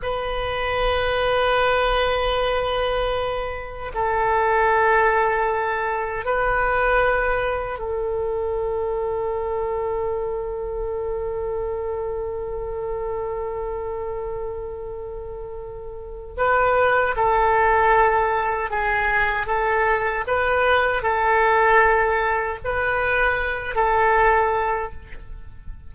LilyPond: \new Staff \with { instrumentName = "oboe" } { \time 4/4 \tempo 4 = 77 b'1~ | b'4 a'2. | b'2 a'2~ | a'1~ |
a'1~ | a'4 b'4 a'2 | gis'4 a'4 b'4 a'4~ | a'4 b'4. a'4. | }